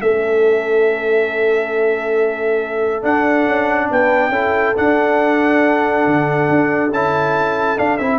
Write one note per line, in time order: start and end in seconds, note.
0.00 3.03 A3
0.00 3.02 C#4
0.00 3.89 A4
0.00 3.04 E5
3.02 4.31 D4
3.02 3.46 D4
3.02 3.90 F#5
3.47 3.90 C#4
3.90 4.29 B3
3.90 4.32 B4
3.90 4.77 G5
4.29 4.72 C#4
4.29 4.75 E4
4.29 8.19 A4
4.76 6.92 D4
4.76 6.07 D4
4.76 6.93 F#5
6.07 6.49 D3
6.49 6.91 D4
6.91 7.77 C#4
6.91 7.77 E4
6.91 7.79 A5
7.77 7.99 D4
7.77 7.97 F5
7.97 8.19 C4
7.97 8.19 E4
7.97 8.19 E5